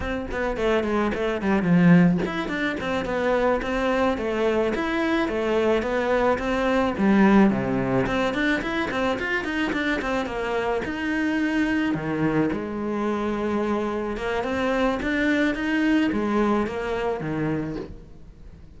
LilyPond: \new Staff \with { instrumentName = "cello" } { \time 4/4 \tempo 4 = 108 c'8 b8 a8 gis8 a8 g8 f4 | e'8 d'8 c'8 b4 c'4 a8~ | a8 e'4 a4 b4 c'8~ | c'8 g4 c4 c'8 d'8 e'8 |
c'8 f'8 dis'8 d'8 c'8 ais4 dis'8~ | dis'4. dis4 gis4.~ | gis4. ais8 c'4 d'4 | dis'4 gis4 ais4 dis4 | }